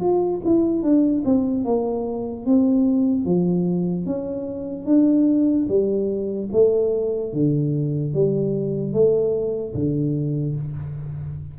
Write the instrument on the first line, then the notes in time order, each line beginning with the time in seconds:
tuba
0.00 F4
0.45 E4
0.83 D4
1.25 C4
1.65 A#3
2.46 C4
3.25 F3
4.06 C#4
4.86 D4
5.68 G3
6.52 A3
7.33 D3
8.14 G3
8.93 A3
9.74 D3